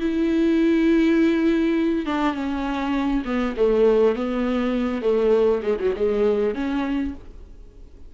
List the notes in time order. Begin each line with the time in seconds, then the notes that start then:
0.00 E4
2.06 D4
2.34 C#4
3.25 B3
3.57 A3
4.15 B3
5.02 A3
5.62 G#3
5.79 F#3
5.96 G#3
6.55 C#4